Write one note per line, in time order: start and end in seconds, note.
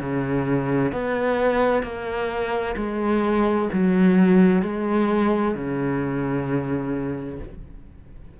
0.00 0.92 C#3
0.92 1.83 B3
1.83 2.75 A#3
2.76 3.68 G#3
3.72 4.62 F#3
4.62 5.54 G#3
5.54 7.39 C#3